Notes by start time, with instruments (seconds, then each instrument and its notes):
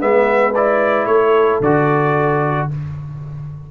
0.00 tuba G#3, trombone B3, horn B4, trumpet E5
0.55 trombone E4, trumpet D5
1.06 tuba A3, horn A4, trumpet C#5
1.61 tuba D3, trombone F#4, trumpet D5